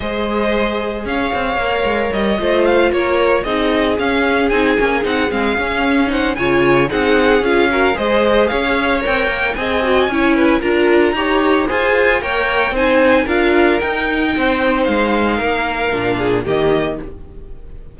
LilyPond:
<<
  \new Staff \with { instrumentName = "violin" } { \time 4/4 \tempo 4 = 113 dis''2 f''2 | dis''4 f''8 cis''4 dis''4 f''8~ | f''8 gis''4 fis''8 f''4. fis''8 | gis''4 fis''4 f''4 dis''4 |
f''4 g''4 gis''2 | ais''2 gis''4 g''4 | gis''4 f''4 g''2 | f''2. dis''4 | }
  \new Staff \with { instrumentName = "violin" } { \time 4/4 c''2 cis''2~ | cis''8 c''4 ais'4 gis'4.~ | gis'2.~ gis'8 c''8 | cis''4 gis'4. ais'8 c''4 |
cis''2 dis''4 cis''8 b'8 | ais'4 cis''4 c''4 cis''4 | c''4 ais'2 c''4~ | c''4 ais'4. gis'8 g'4 | }
  \new Staff \with { instrumentName = "viola" } { \time 4/4 gis'2. ais'4~ | ais'8 f'2 dis'4 cis'8~ | cis'8 dis'8 cis'8 dis'8 c'8 cis'4 dis'8 | f'4 dis'4 f'8 fis'8 gis'4~ |
gis'4 ais'4 gis'8 fis'8 e'4 | f'4 g'4 gis'4 ais'4 | dis'4 f'4 dis'2~ | dis'2 d'4 ais4 | }
  \new Staff \with { instrumentName = "cello" } { \time 4/4 gis2 cis'8 c'8 ais8 gis8 | g8 a4 ais4 c'4 cis'8~ | cis'8 c'8 ais8 c'8 gis8 cis'4. | cis4 c'4 cis'4 gis4 |
cis'4 c'8 ais8 c'4 cis'4 | d'4 dis'4 f'4 ais4 | c'4 d'4 dis'4 c'4 | gis4 ais4 ais,4 dis4 | }
>>